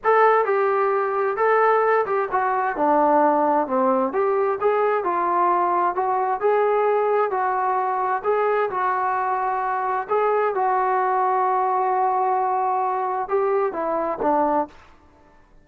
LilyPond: \new Staff \with { instrumentName = "trombone" } { \time 4/4 \tempo 4 = 131 a'4 g'2 a'4~ | a'8 g'8 fis'4 d'2 | c'4 g'4 gis'4 f'4~ | f'4 fis'4 gis'2 |
fis'2 gis'4 fis'4~ | fis'2 gis'4 fis'4~ | fis'1~ | fis'4 g'4 e'4 d'4 | }